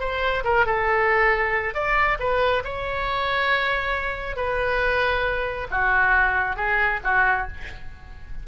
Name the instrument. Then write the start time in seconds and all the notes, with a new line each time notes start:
oboe
0.00 C5
0.45 A#4
0.66 A4
1.75 D5
2.20 B4
2.65 C#5
4.37 B4
5.71 F#4
6.57 G#4
7.04 F#4